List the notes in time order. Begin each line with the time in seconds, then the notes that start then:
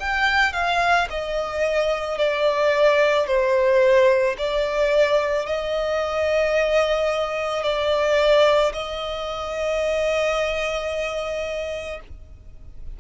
0.00 G5
0.53 F5
1.10 D#5
2.18 D5
3.27 C5
4.38 D5
5.46 D#5
7.63 D5
8.73 D#5